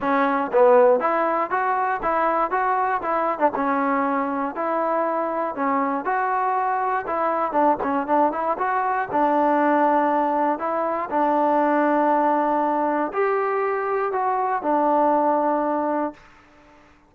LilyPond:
\new Staff \with { instrumentName = "trombone" } { \time 4/4 \tempo 4 = 119 cis'4 b4 e'4 fis'4 | e'4 fis'4 e'8. d'16 cis'4~ | cis'4 e'2 cis'4 | fis'2 e'4 d'8 cis'8 |
d'8 e'8 fis'4 d'2~ | d'4 e'4 d'2~ | d'2 g'2 | fis'4 d'2. | }